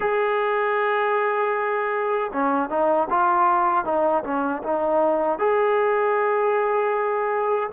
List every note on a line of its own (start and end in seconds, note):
0.00 2.31 G#4
2.33 2.69 C#4
2.69 3.08 D#4
3.10 3.85 F4
3.85 4.23 D#4
4.23 4.62 C#4
4.63 5.38 D#4
5.38 7.69 G#4